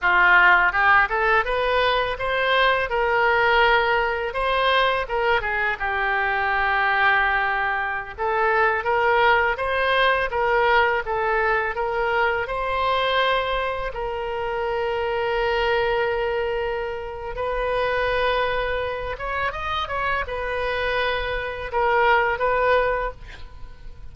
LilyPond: \new Staff \with { instrumentName = "oboe" } { \time 4/4 \tempo 4 = 83 f'4 g'8 a'8 b'4 c''4 | ais'2 c''4 ais'8 gis'8 | g'2.~ g'16 a'8.~ | a'16 ais'4 c''4 ais'4 a'8.~ |
a'16 ais'4 c''2 ais'8.~ | ais'1 | b'2~ b'8 cis''8 dis''8 cis''8 | b'2 ais'4 b'4 | }